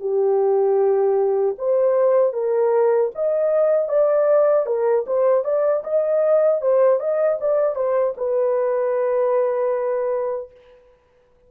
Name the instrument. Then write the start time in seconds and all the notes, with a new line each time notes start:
horn
0.00 G4
1.58 C5
2.33 A#4
3.15 D#5
3.89 D5
4.66 A#4
5.06 C5
5.44 D5
5.84 D#5
6.61 C5
7.00 D#5
7.41 D5
7.75 C5
8.17 B4